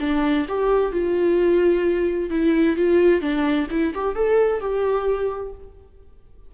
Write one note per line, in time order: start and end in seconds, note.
0.00 0.46 D4
0.48 0.92 G4
0.92 2.30 F4
2.30 2.76 E4
2.76 3.21 F4
3.21 3.67 D4
3.70 3.94 E4
3.94 4.15 G4
4.15 4.60 A4
4.60 5.53 G4